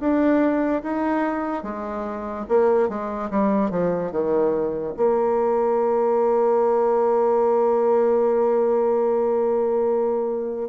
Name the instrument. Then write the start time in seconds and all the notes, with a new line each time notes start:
bassoon
0.00 D4
0.83 D#4
1.63 G#3
2.48 A#3
2.88 G#3
3.30 G3
3.70 F3
4.11 D#3
4.97 A#3